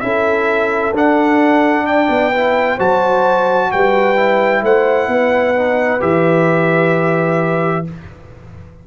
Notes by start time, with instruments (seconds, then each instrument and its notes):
0.00 tuba C#4, trombone E4, horn A4, trumpet E5
0.92 tuba D4, trombone D4, trumpet F#5
1.86 horn D5, trumpet G5
2.09 tuba B3
2.32 trombone E4, horn B4
2.76 tuba F#3, trombone F#4, horn C5, trumpet A5
3.71 tuba G3, horn B4, trumpet G5
4.16 trombone E4
4.62 tuba A3, horn C5, trumpet F#5
5.08 tuba B3, horn B4
5.55 trombone D#4
6.00 tuba E3, trombone G4, trumpet E5